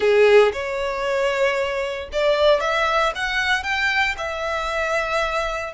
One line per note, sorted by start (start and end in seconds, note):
0.00 0.52 G#4
0.52 2.09 C#5
2.12 2.60 D5
2.60 3.12 E5
3.15 3.63 F#5
3.63 4.15 G5
4.17 5.74 E5